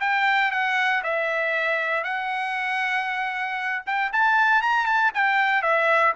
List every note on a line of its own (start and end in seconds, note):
0.00 0.51 G5
0.51 1.02 F#5
1.03 2.03 E5
2.03 3.83 F#5
3.86 4.11 G5
4.12 4.62 A5
4.62 4.86 A#5
4.86 5.11 A5
5.14 5.62 G5
5.62 6.13 E5